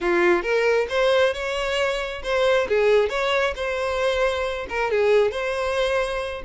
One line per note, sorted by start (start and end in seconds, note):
0.00 0.42 F4
0.42 0.87 A#4
0.89 1.33 C5
1.33 2.22 C#5
2.23 2.67 C5
2.68 3.09 G#4
3.09 3.53 C#5
3.55 4.66 C5
4.69 4.91 A#4
4.91 5.31 G#4
5.31 6.42 C5